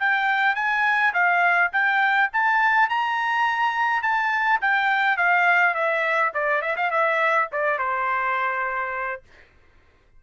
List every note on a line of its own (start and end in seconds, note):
0.00 0.56 G5
0.56 1.13 G#5
1.14 1.72 F5
1.73 2.31 G5
2.33 2.90 A5
2.90 4.03 A#5
4.03 4.60 A5
4.61 5.17 G5
5.17 5.75 F5
5.75 6.32 E5
6.34 6.62 D5
6.62 6.76 E5
6.77 6.91 F5
6.91 7.49 E5
7.52 7.79 D5
7.79 9.23 C5